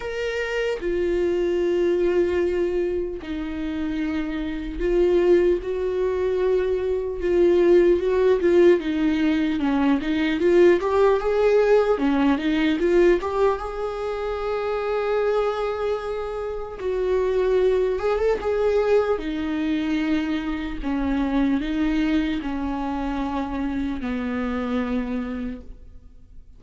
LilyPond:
\new Staff \with { instrumentName = "viola" } { \time 4/4 \tempo 4 = 75 ais'4 f'2. | dis'2 f'4 fis'4~ | fis'4 f'4 fis'8 f'8 dis'4 | cis'8 dis'8 f'8 g'8 gis'4 cis'8 dis'8 |
f'8 g'8 gis'2.~ | gis'4 fis'4. gis'16 a'16 gis'4 | dis'2 cis'4 dis'4 | cis'2 b2 | }